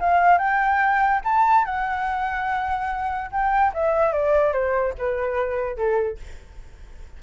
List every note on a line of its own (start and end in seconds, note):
0.00 0.38 F5
0.38 1.21 G5
1.24 1.65 A5
1.65 3.31 F#5
3.31 3.72 G5
3.74 4.12 E5
4.12 4.53 D5
4.53 4.94 C5
4.98 5.76 B4
5.76 6.18 A4